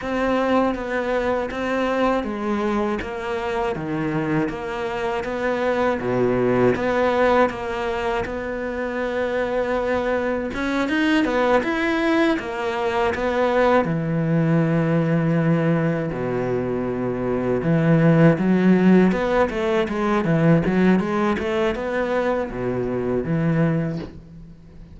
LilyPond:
\new Staff \with { instrumentName = "cello" } { \time 4/4 \tempo 4 = 80 c'4 b4 c'4 gis4 | ais4 dis4 ais4 b4 | b,4 b4 ais4 b4~ | b2 cis'8 dis'8 b8 e'8~ |
e'8 ais4 b4 e4.~ | e4. b,2 e8~ | e8 fis4 b8 a8 gis8 e8 fis8 | gis8 a8 b4 b,4 e4 | }